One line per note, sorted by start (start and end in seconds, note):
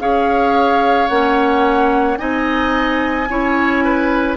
0.00 1.09 C#4
0.00 1.10 G#4
0.00 2.20 C#5
0.00 1.08 F5
1.08 2.19 A#3
1.08 2.18 C#4
1.08 2.17 F#5
2.18 3.30 C4
2.18 3.27 D#4
2.18 3.29 D#5
2.18 4.36 G#5
3.30 4.37 C#4
3.30 4.37 E4
3.30 3.85 C#5
3.85 4.37 B4